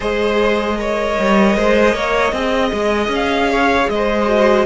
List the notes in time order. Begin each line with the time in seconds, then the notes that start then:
0.00 G#3 G#4 C5 D#5
0.75 A#4 C#5
1.19 G3
1.56 G#3 C5
1.94 A#3 C#5
2.32 C4 G#4 D#5
2.72 G#3
3.08 C#4
3.14 F5
3.51 C#5
3.89 G#3 C5 D#5
4.27 F#4